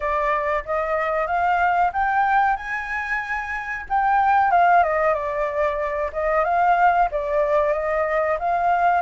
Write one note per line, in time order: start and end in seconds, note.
0.00 0.63 D5
0.65 1.26 D#5
1.26 1.91 F5
1.92 2.56 G5
2.56 3.85 G#5
3.89 4.51 G5
4.51 4.83 F5
4.83 5.13 D#5
5.13 6.10 D5
6.12 6.44 D#5
6.44 7.09 F5
7.11 7.72 D5
7.72 8.37 D#5
8.39 9.01 F5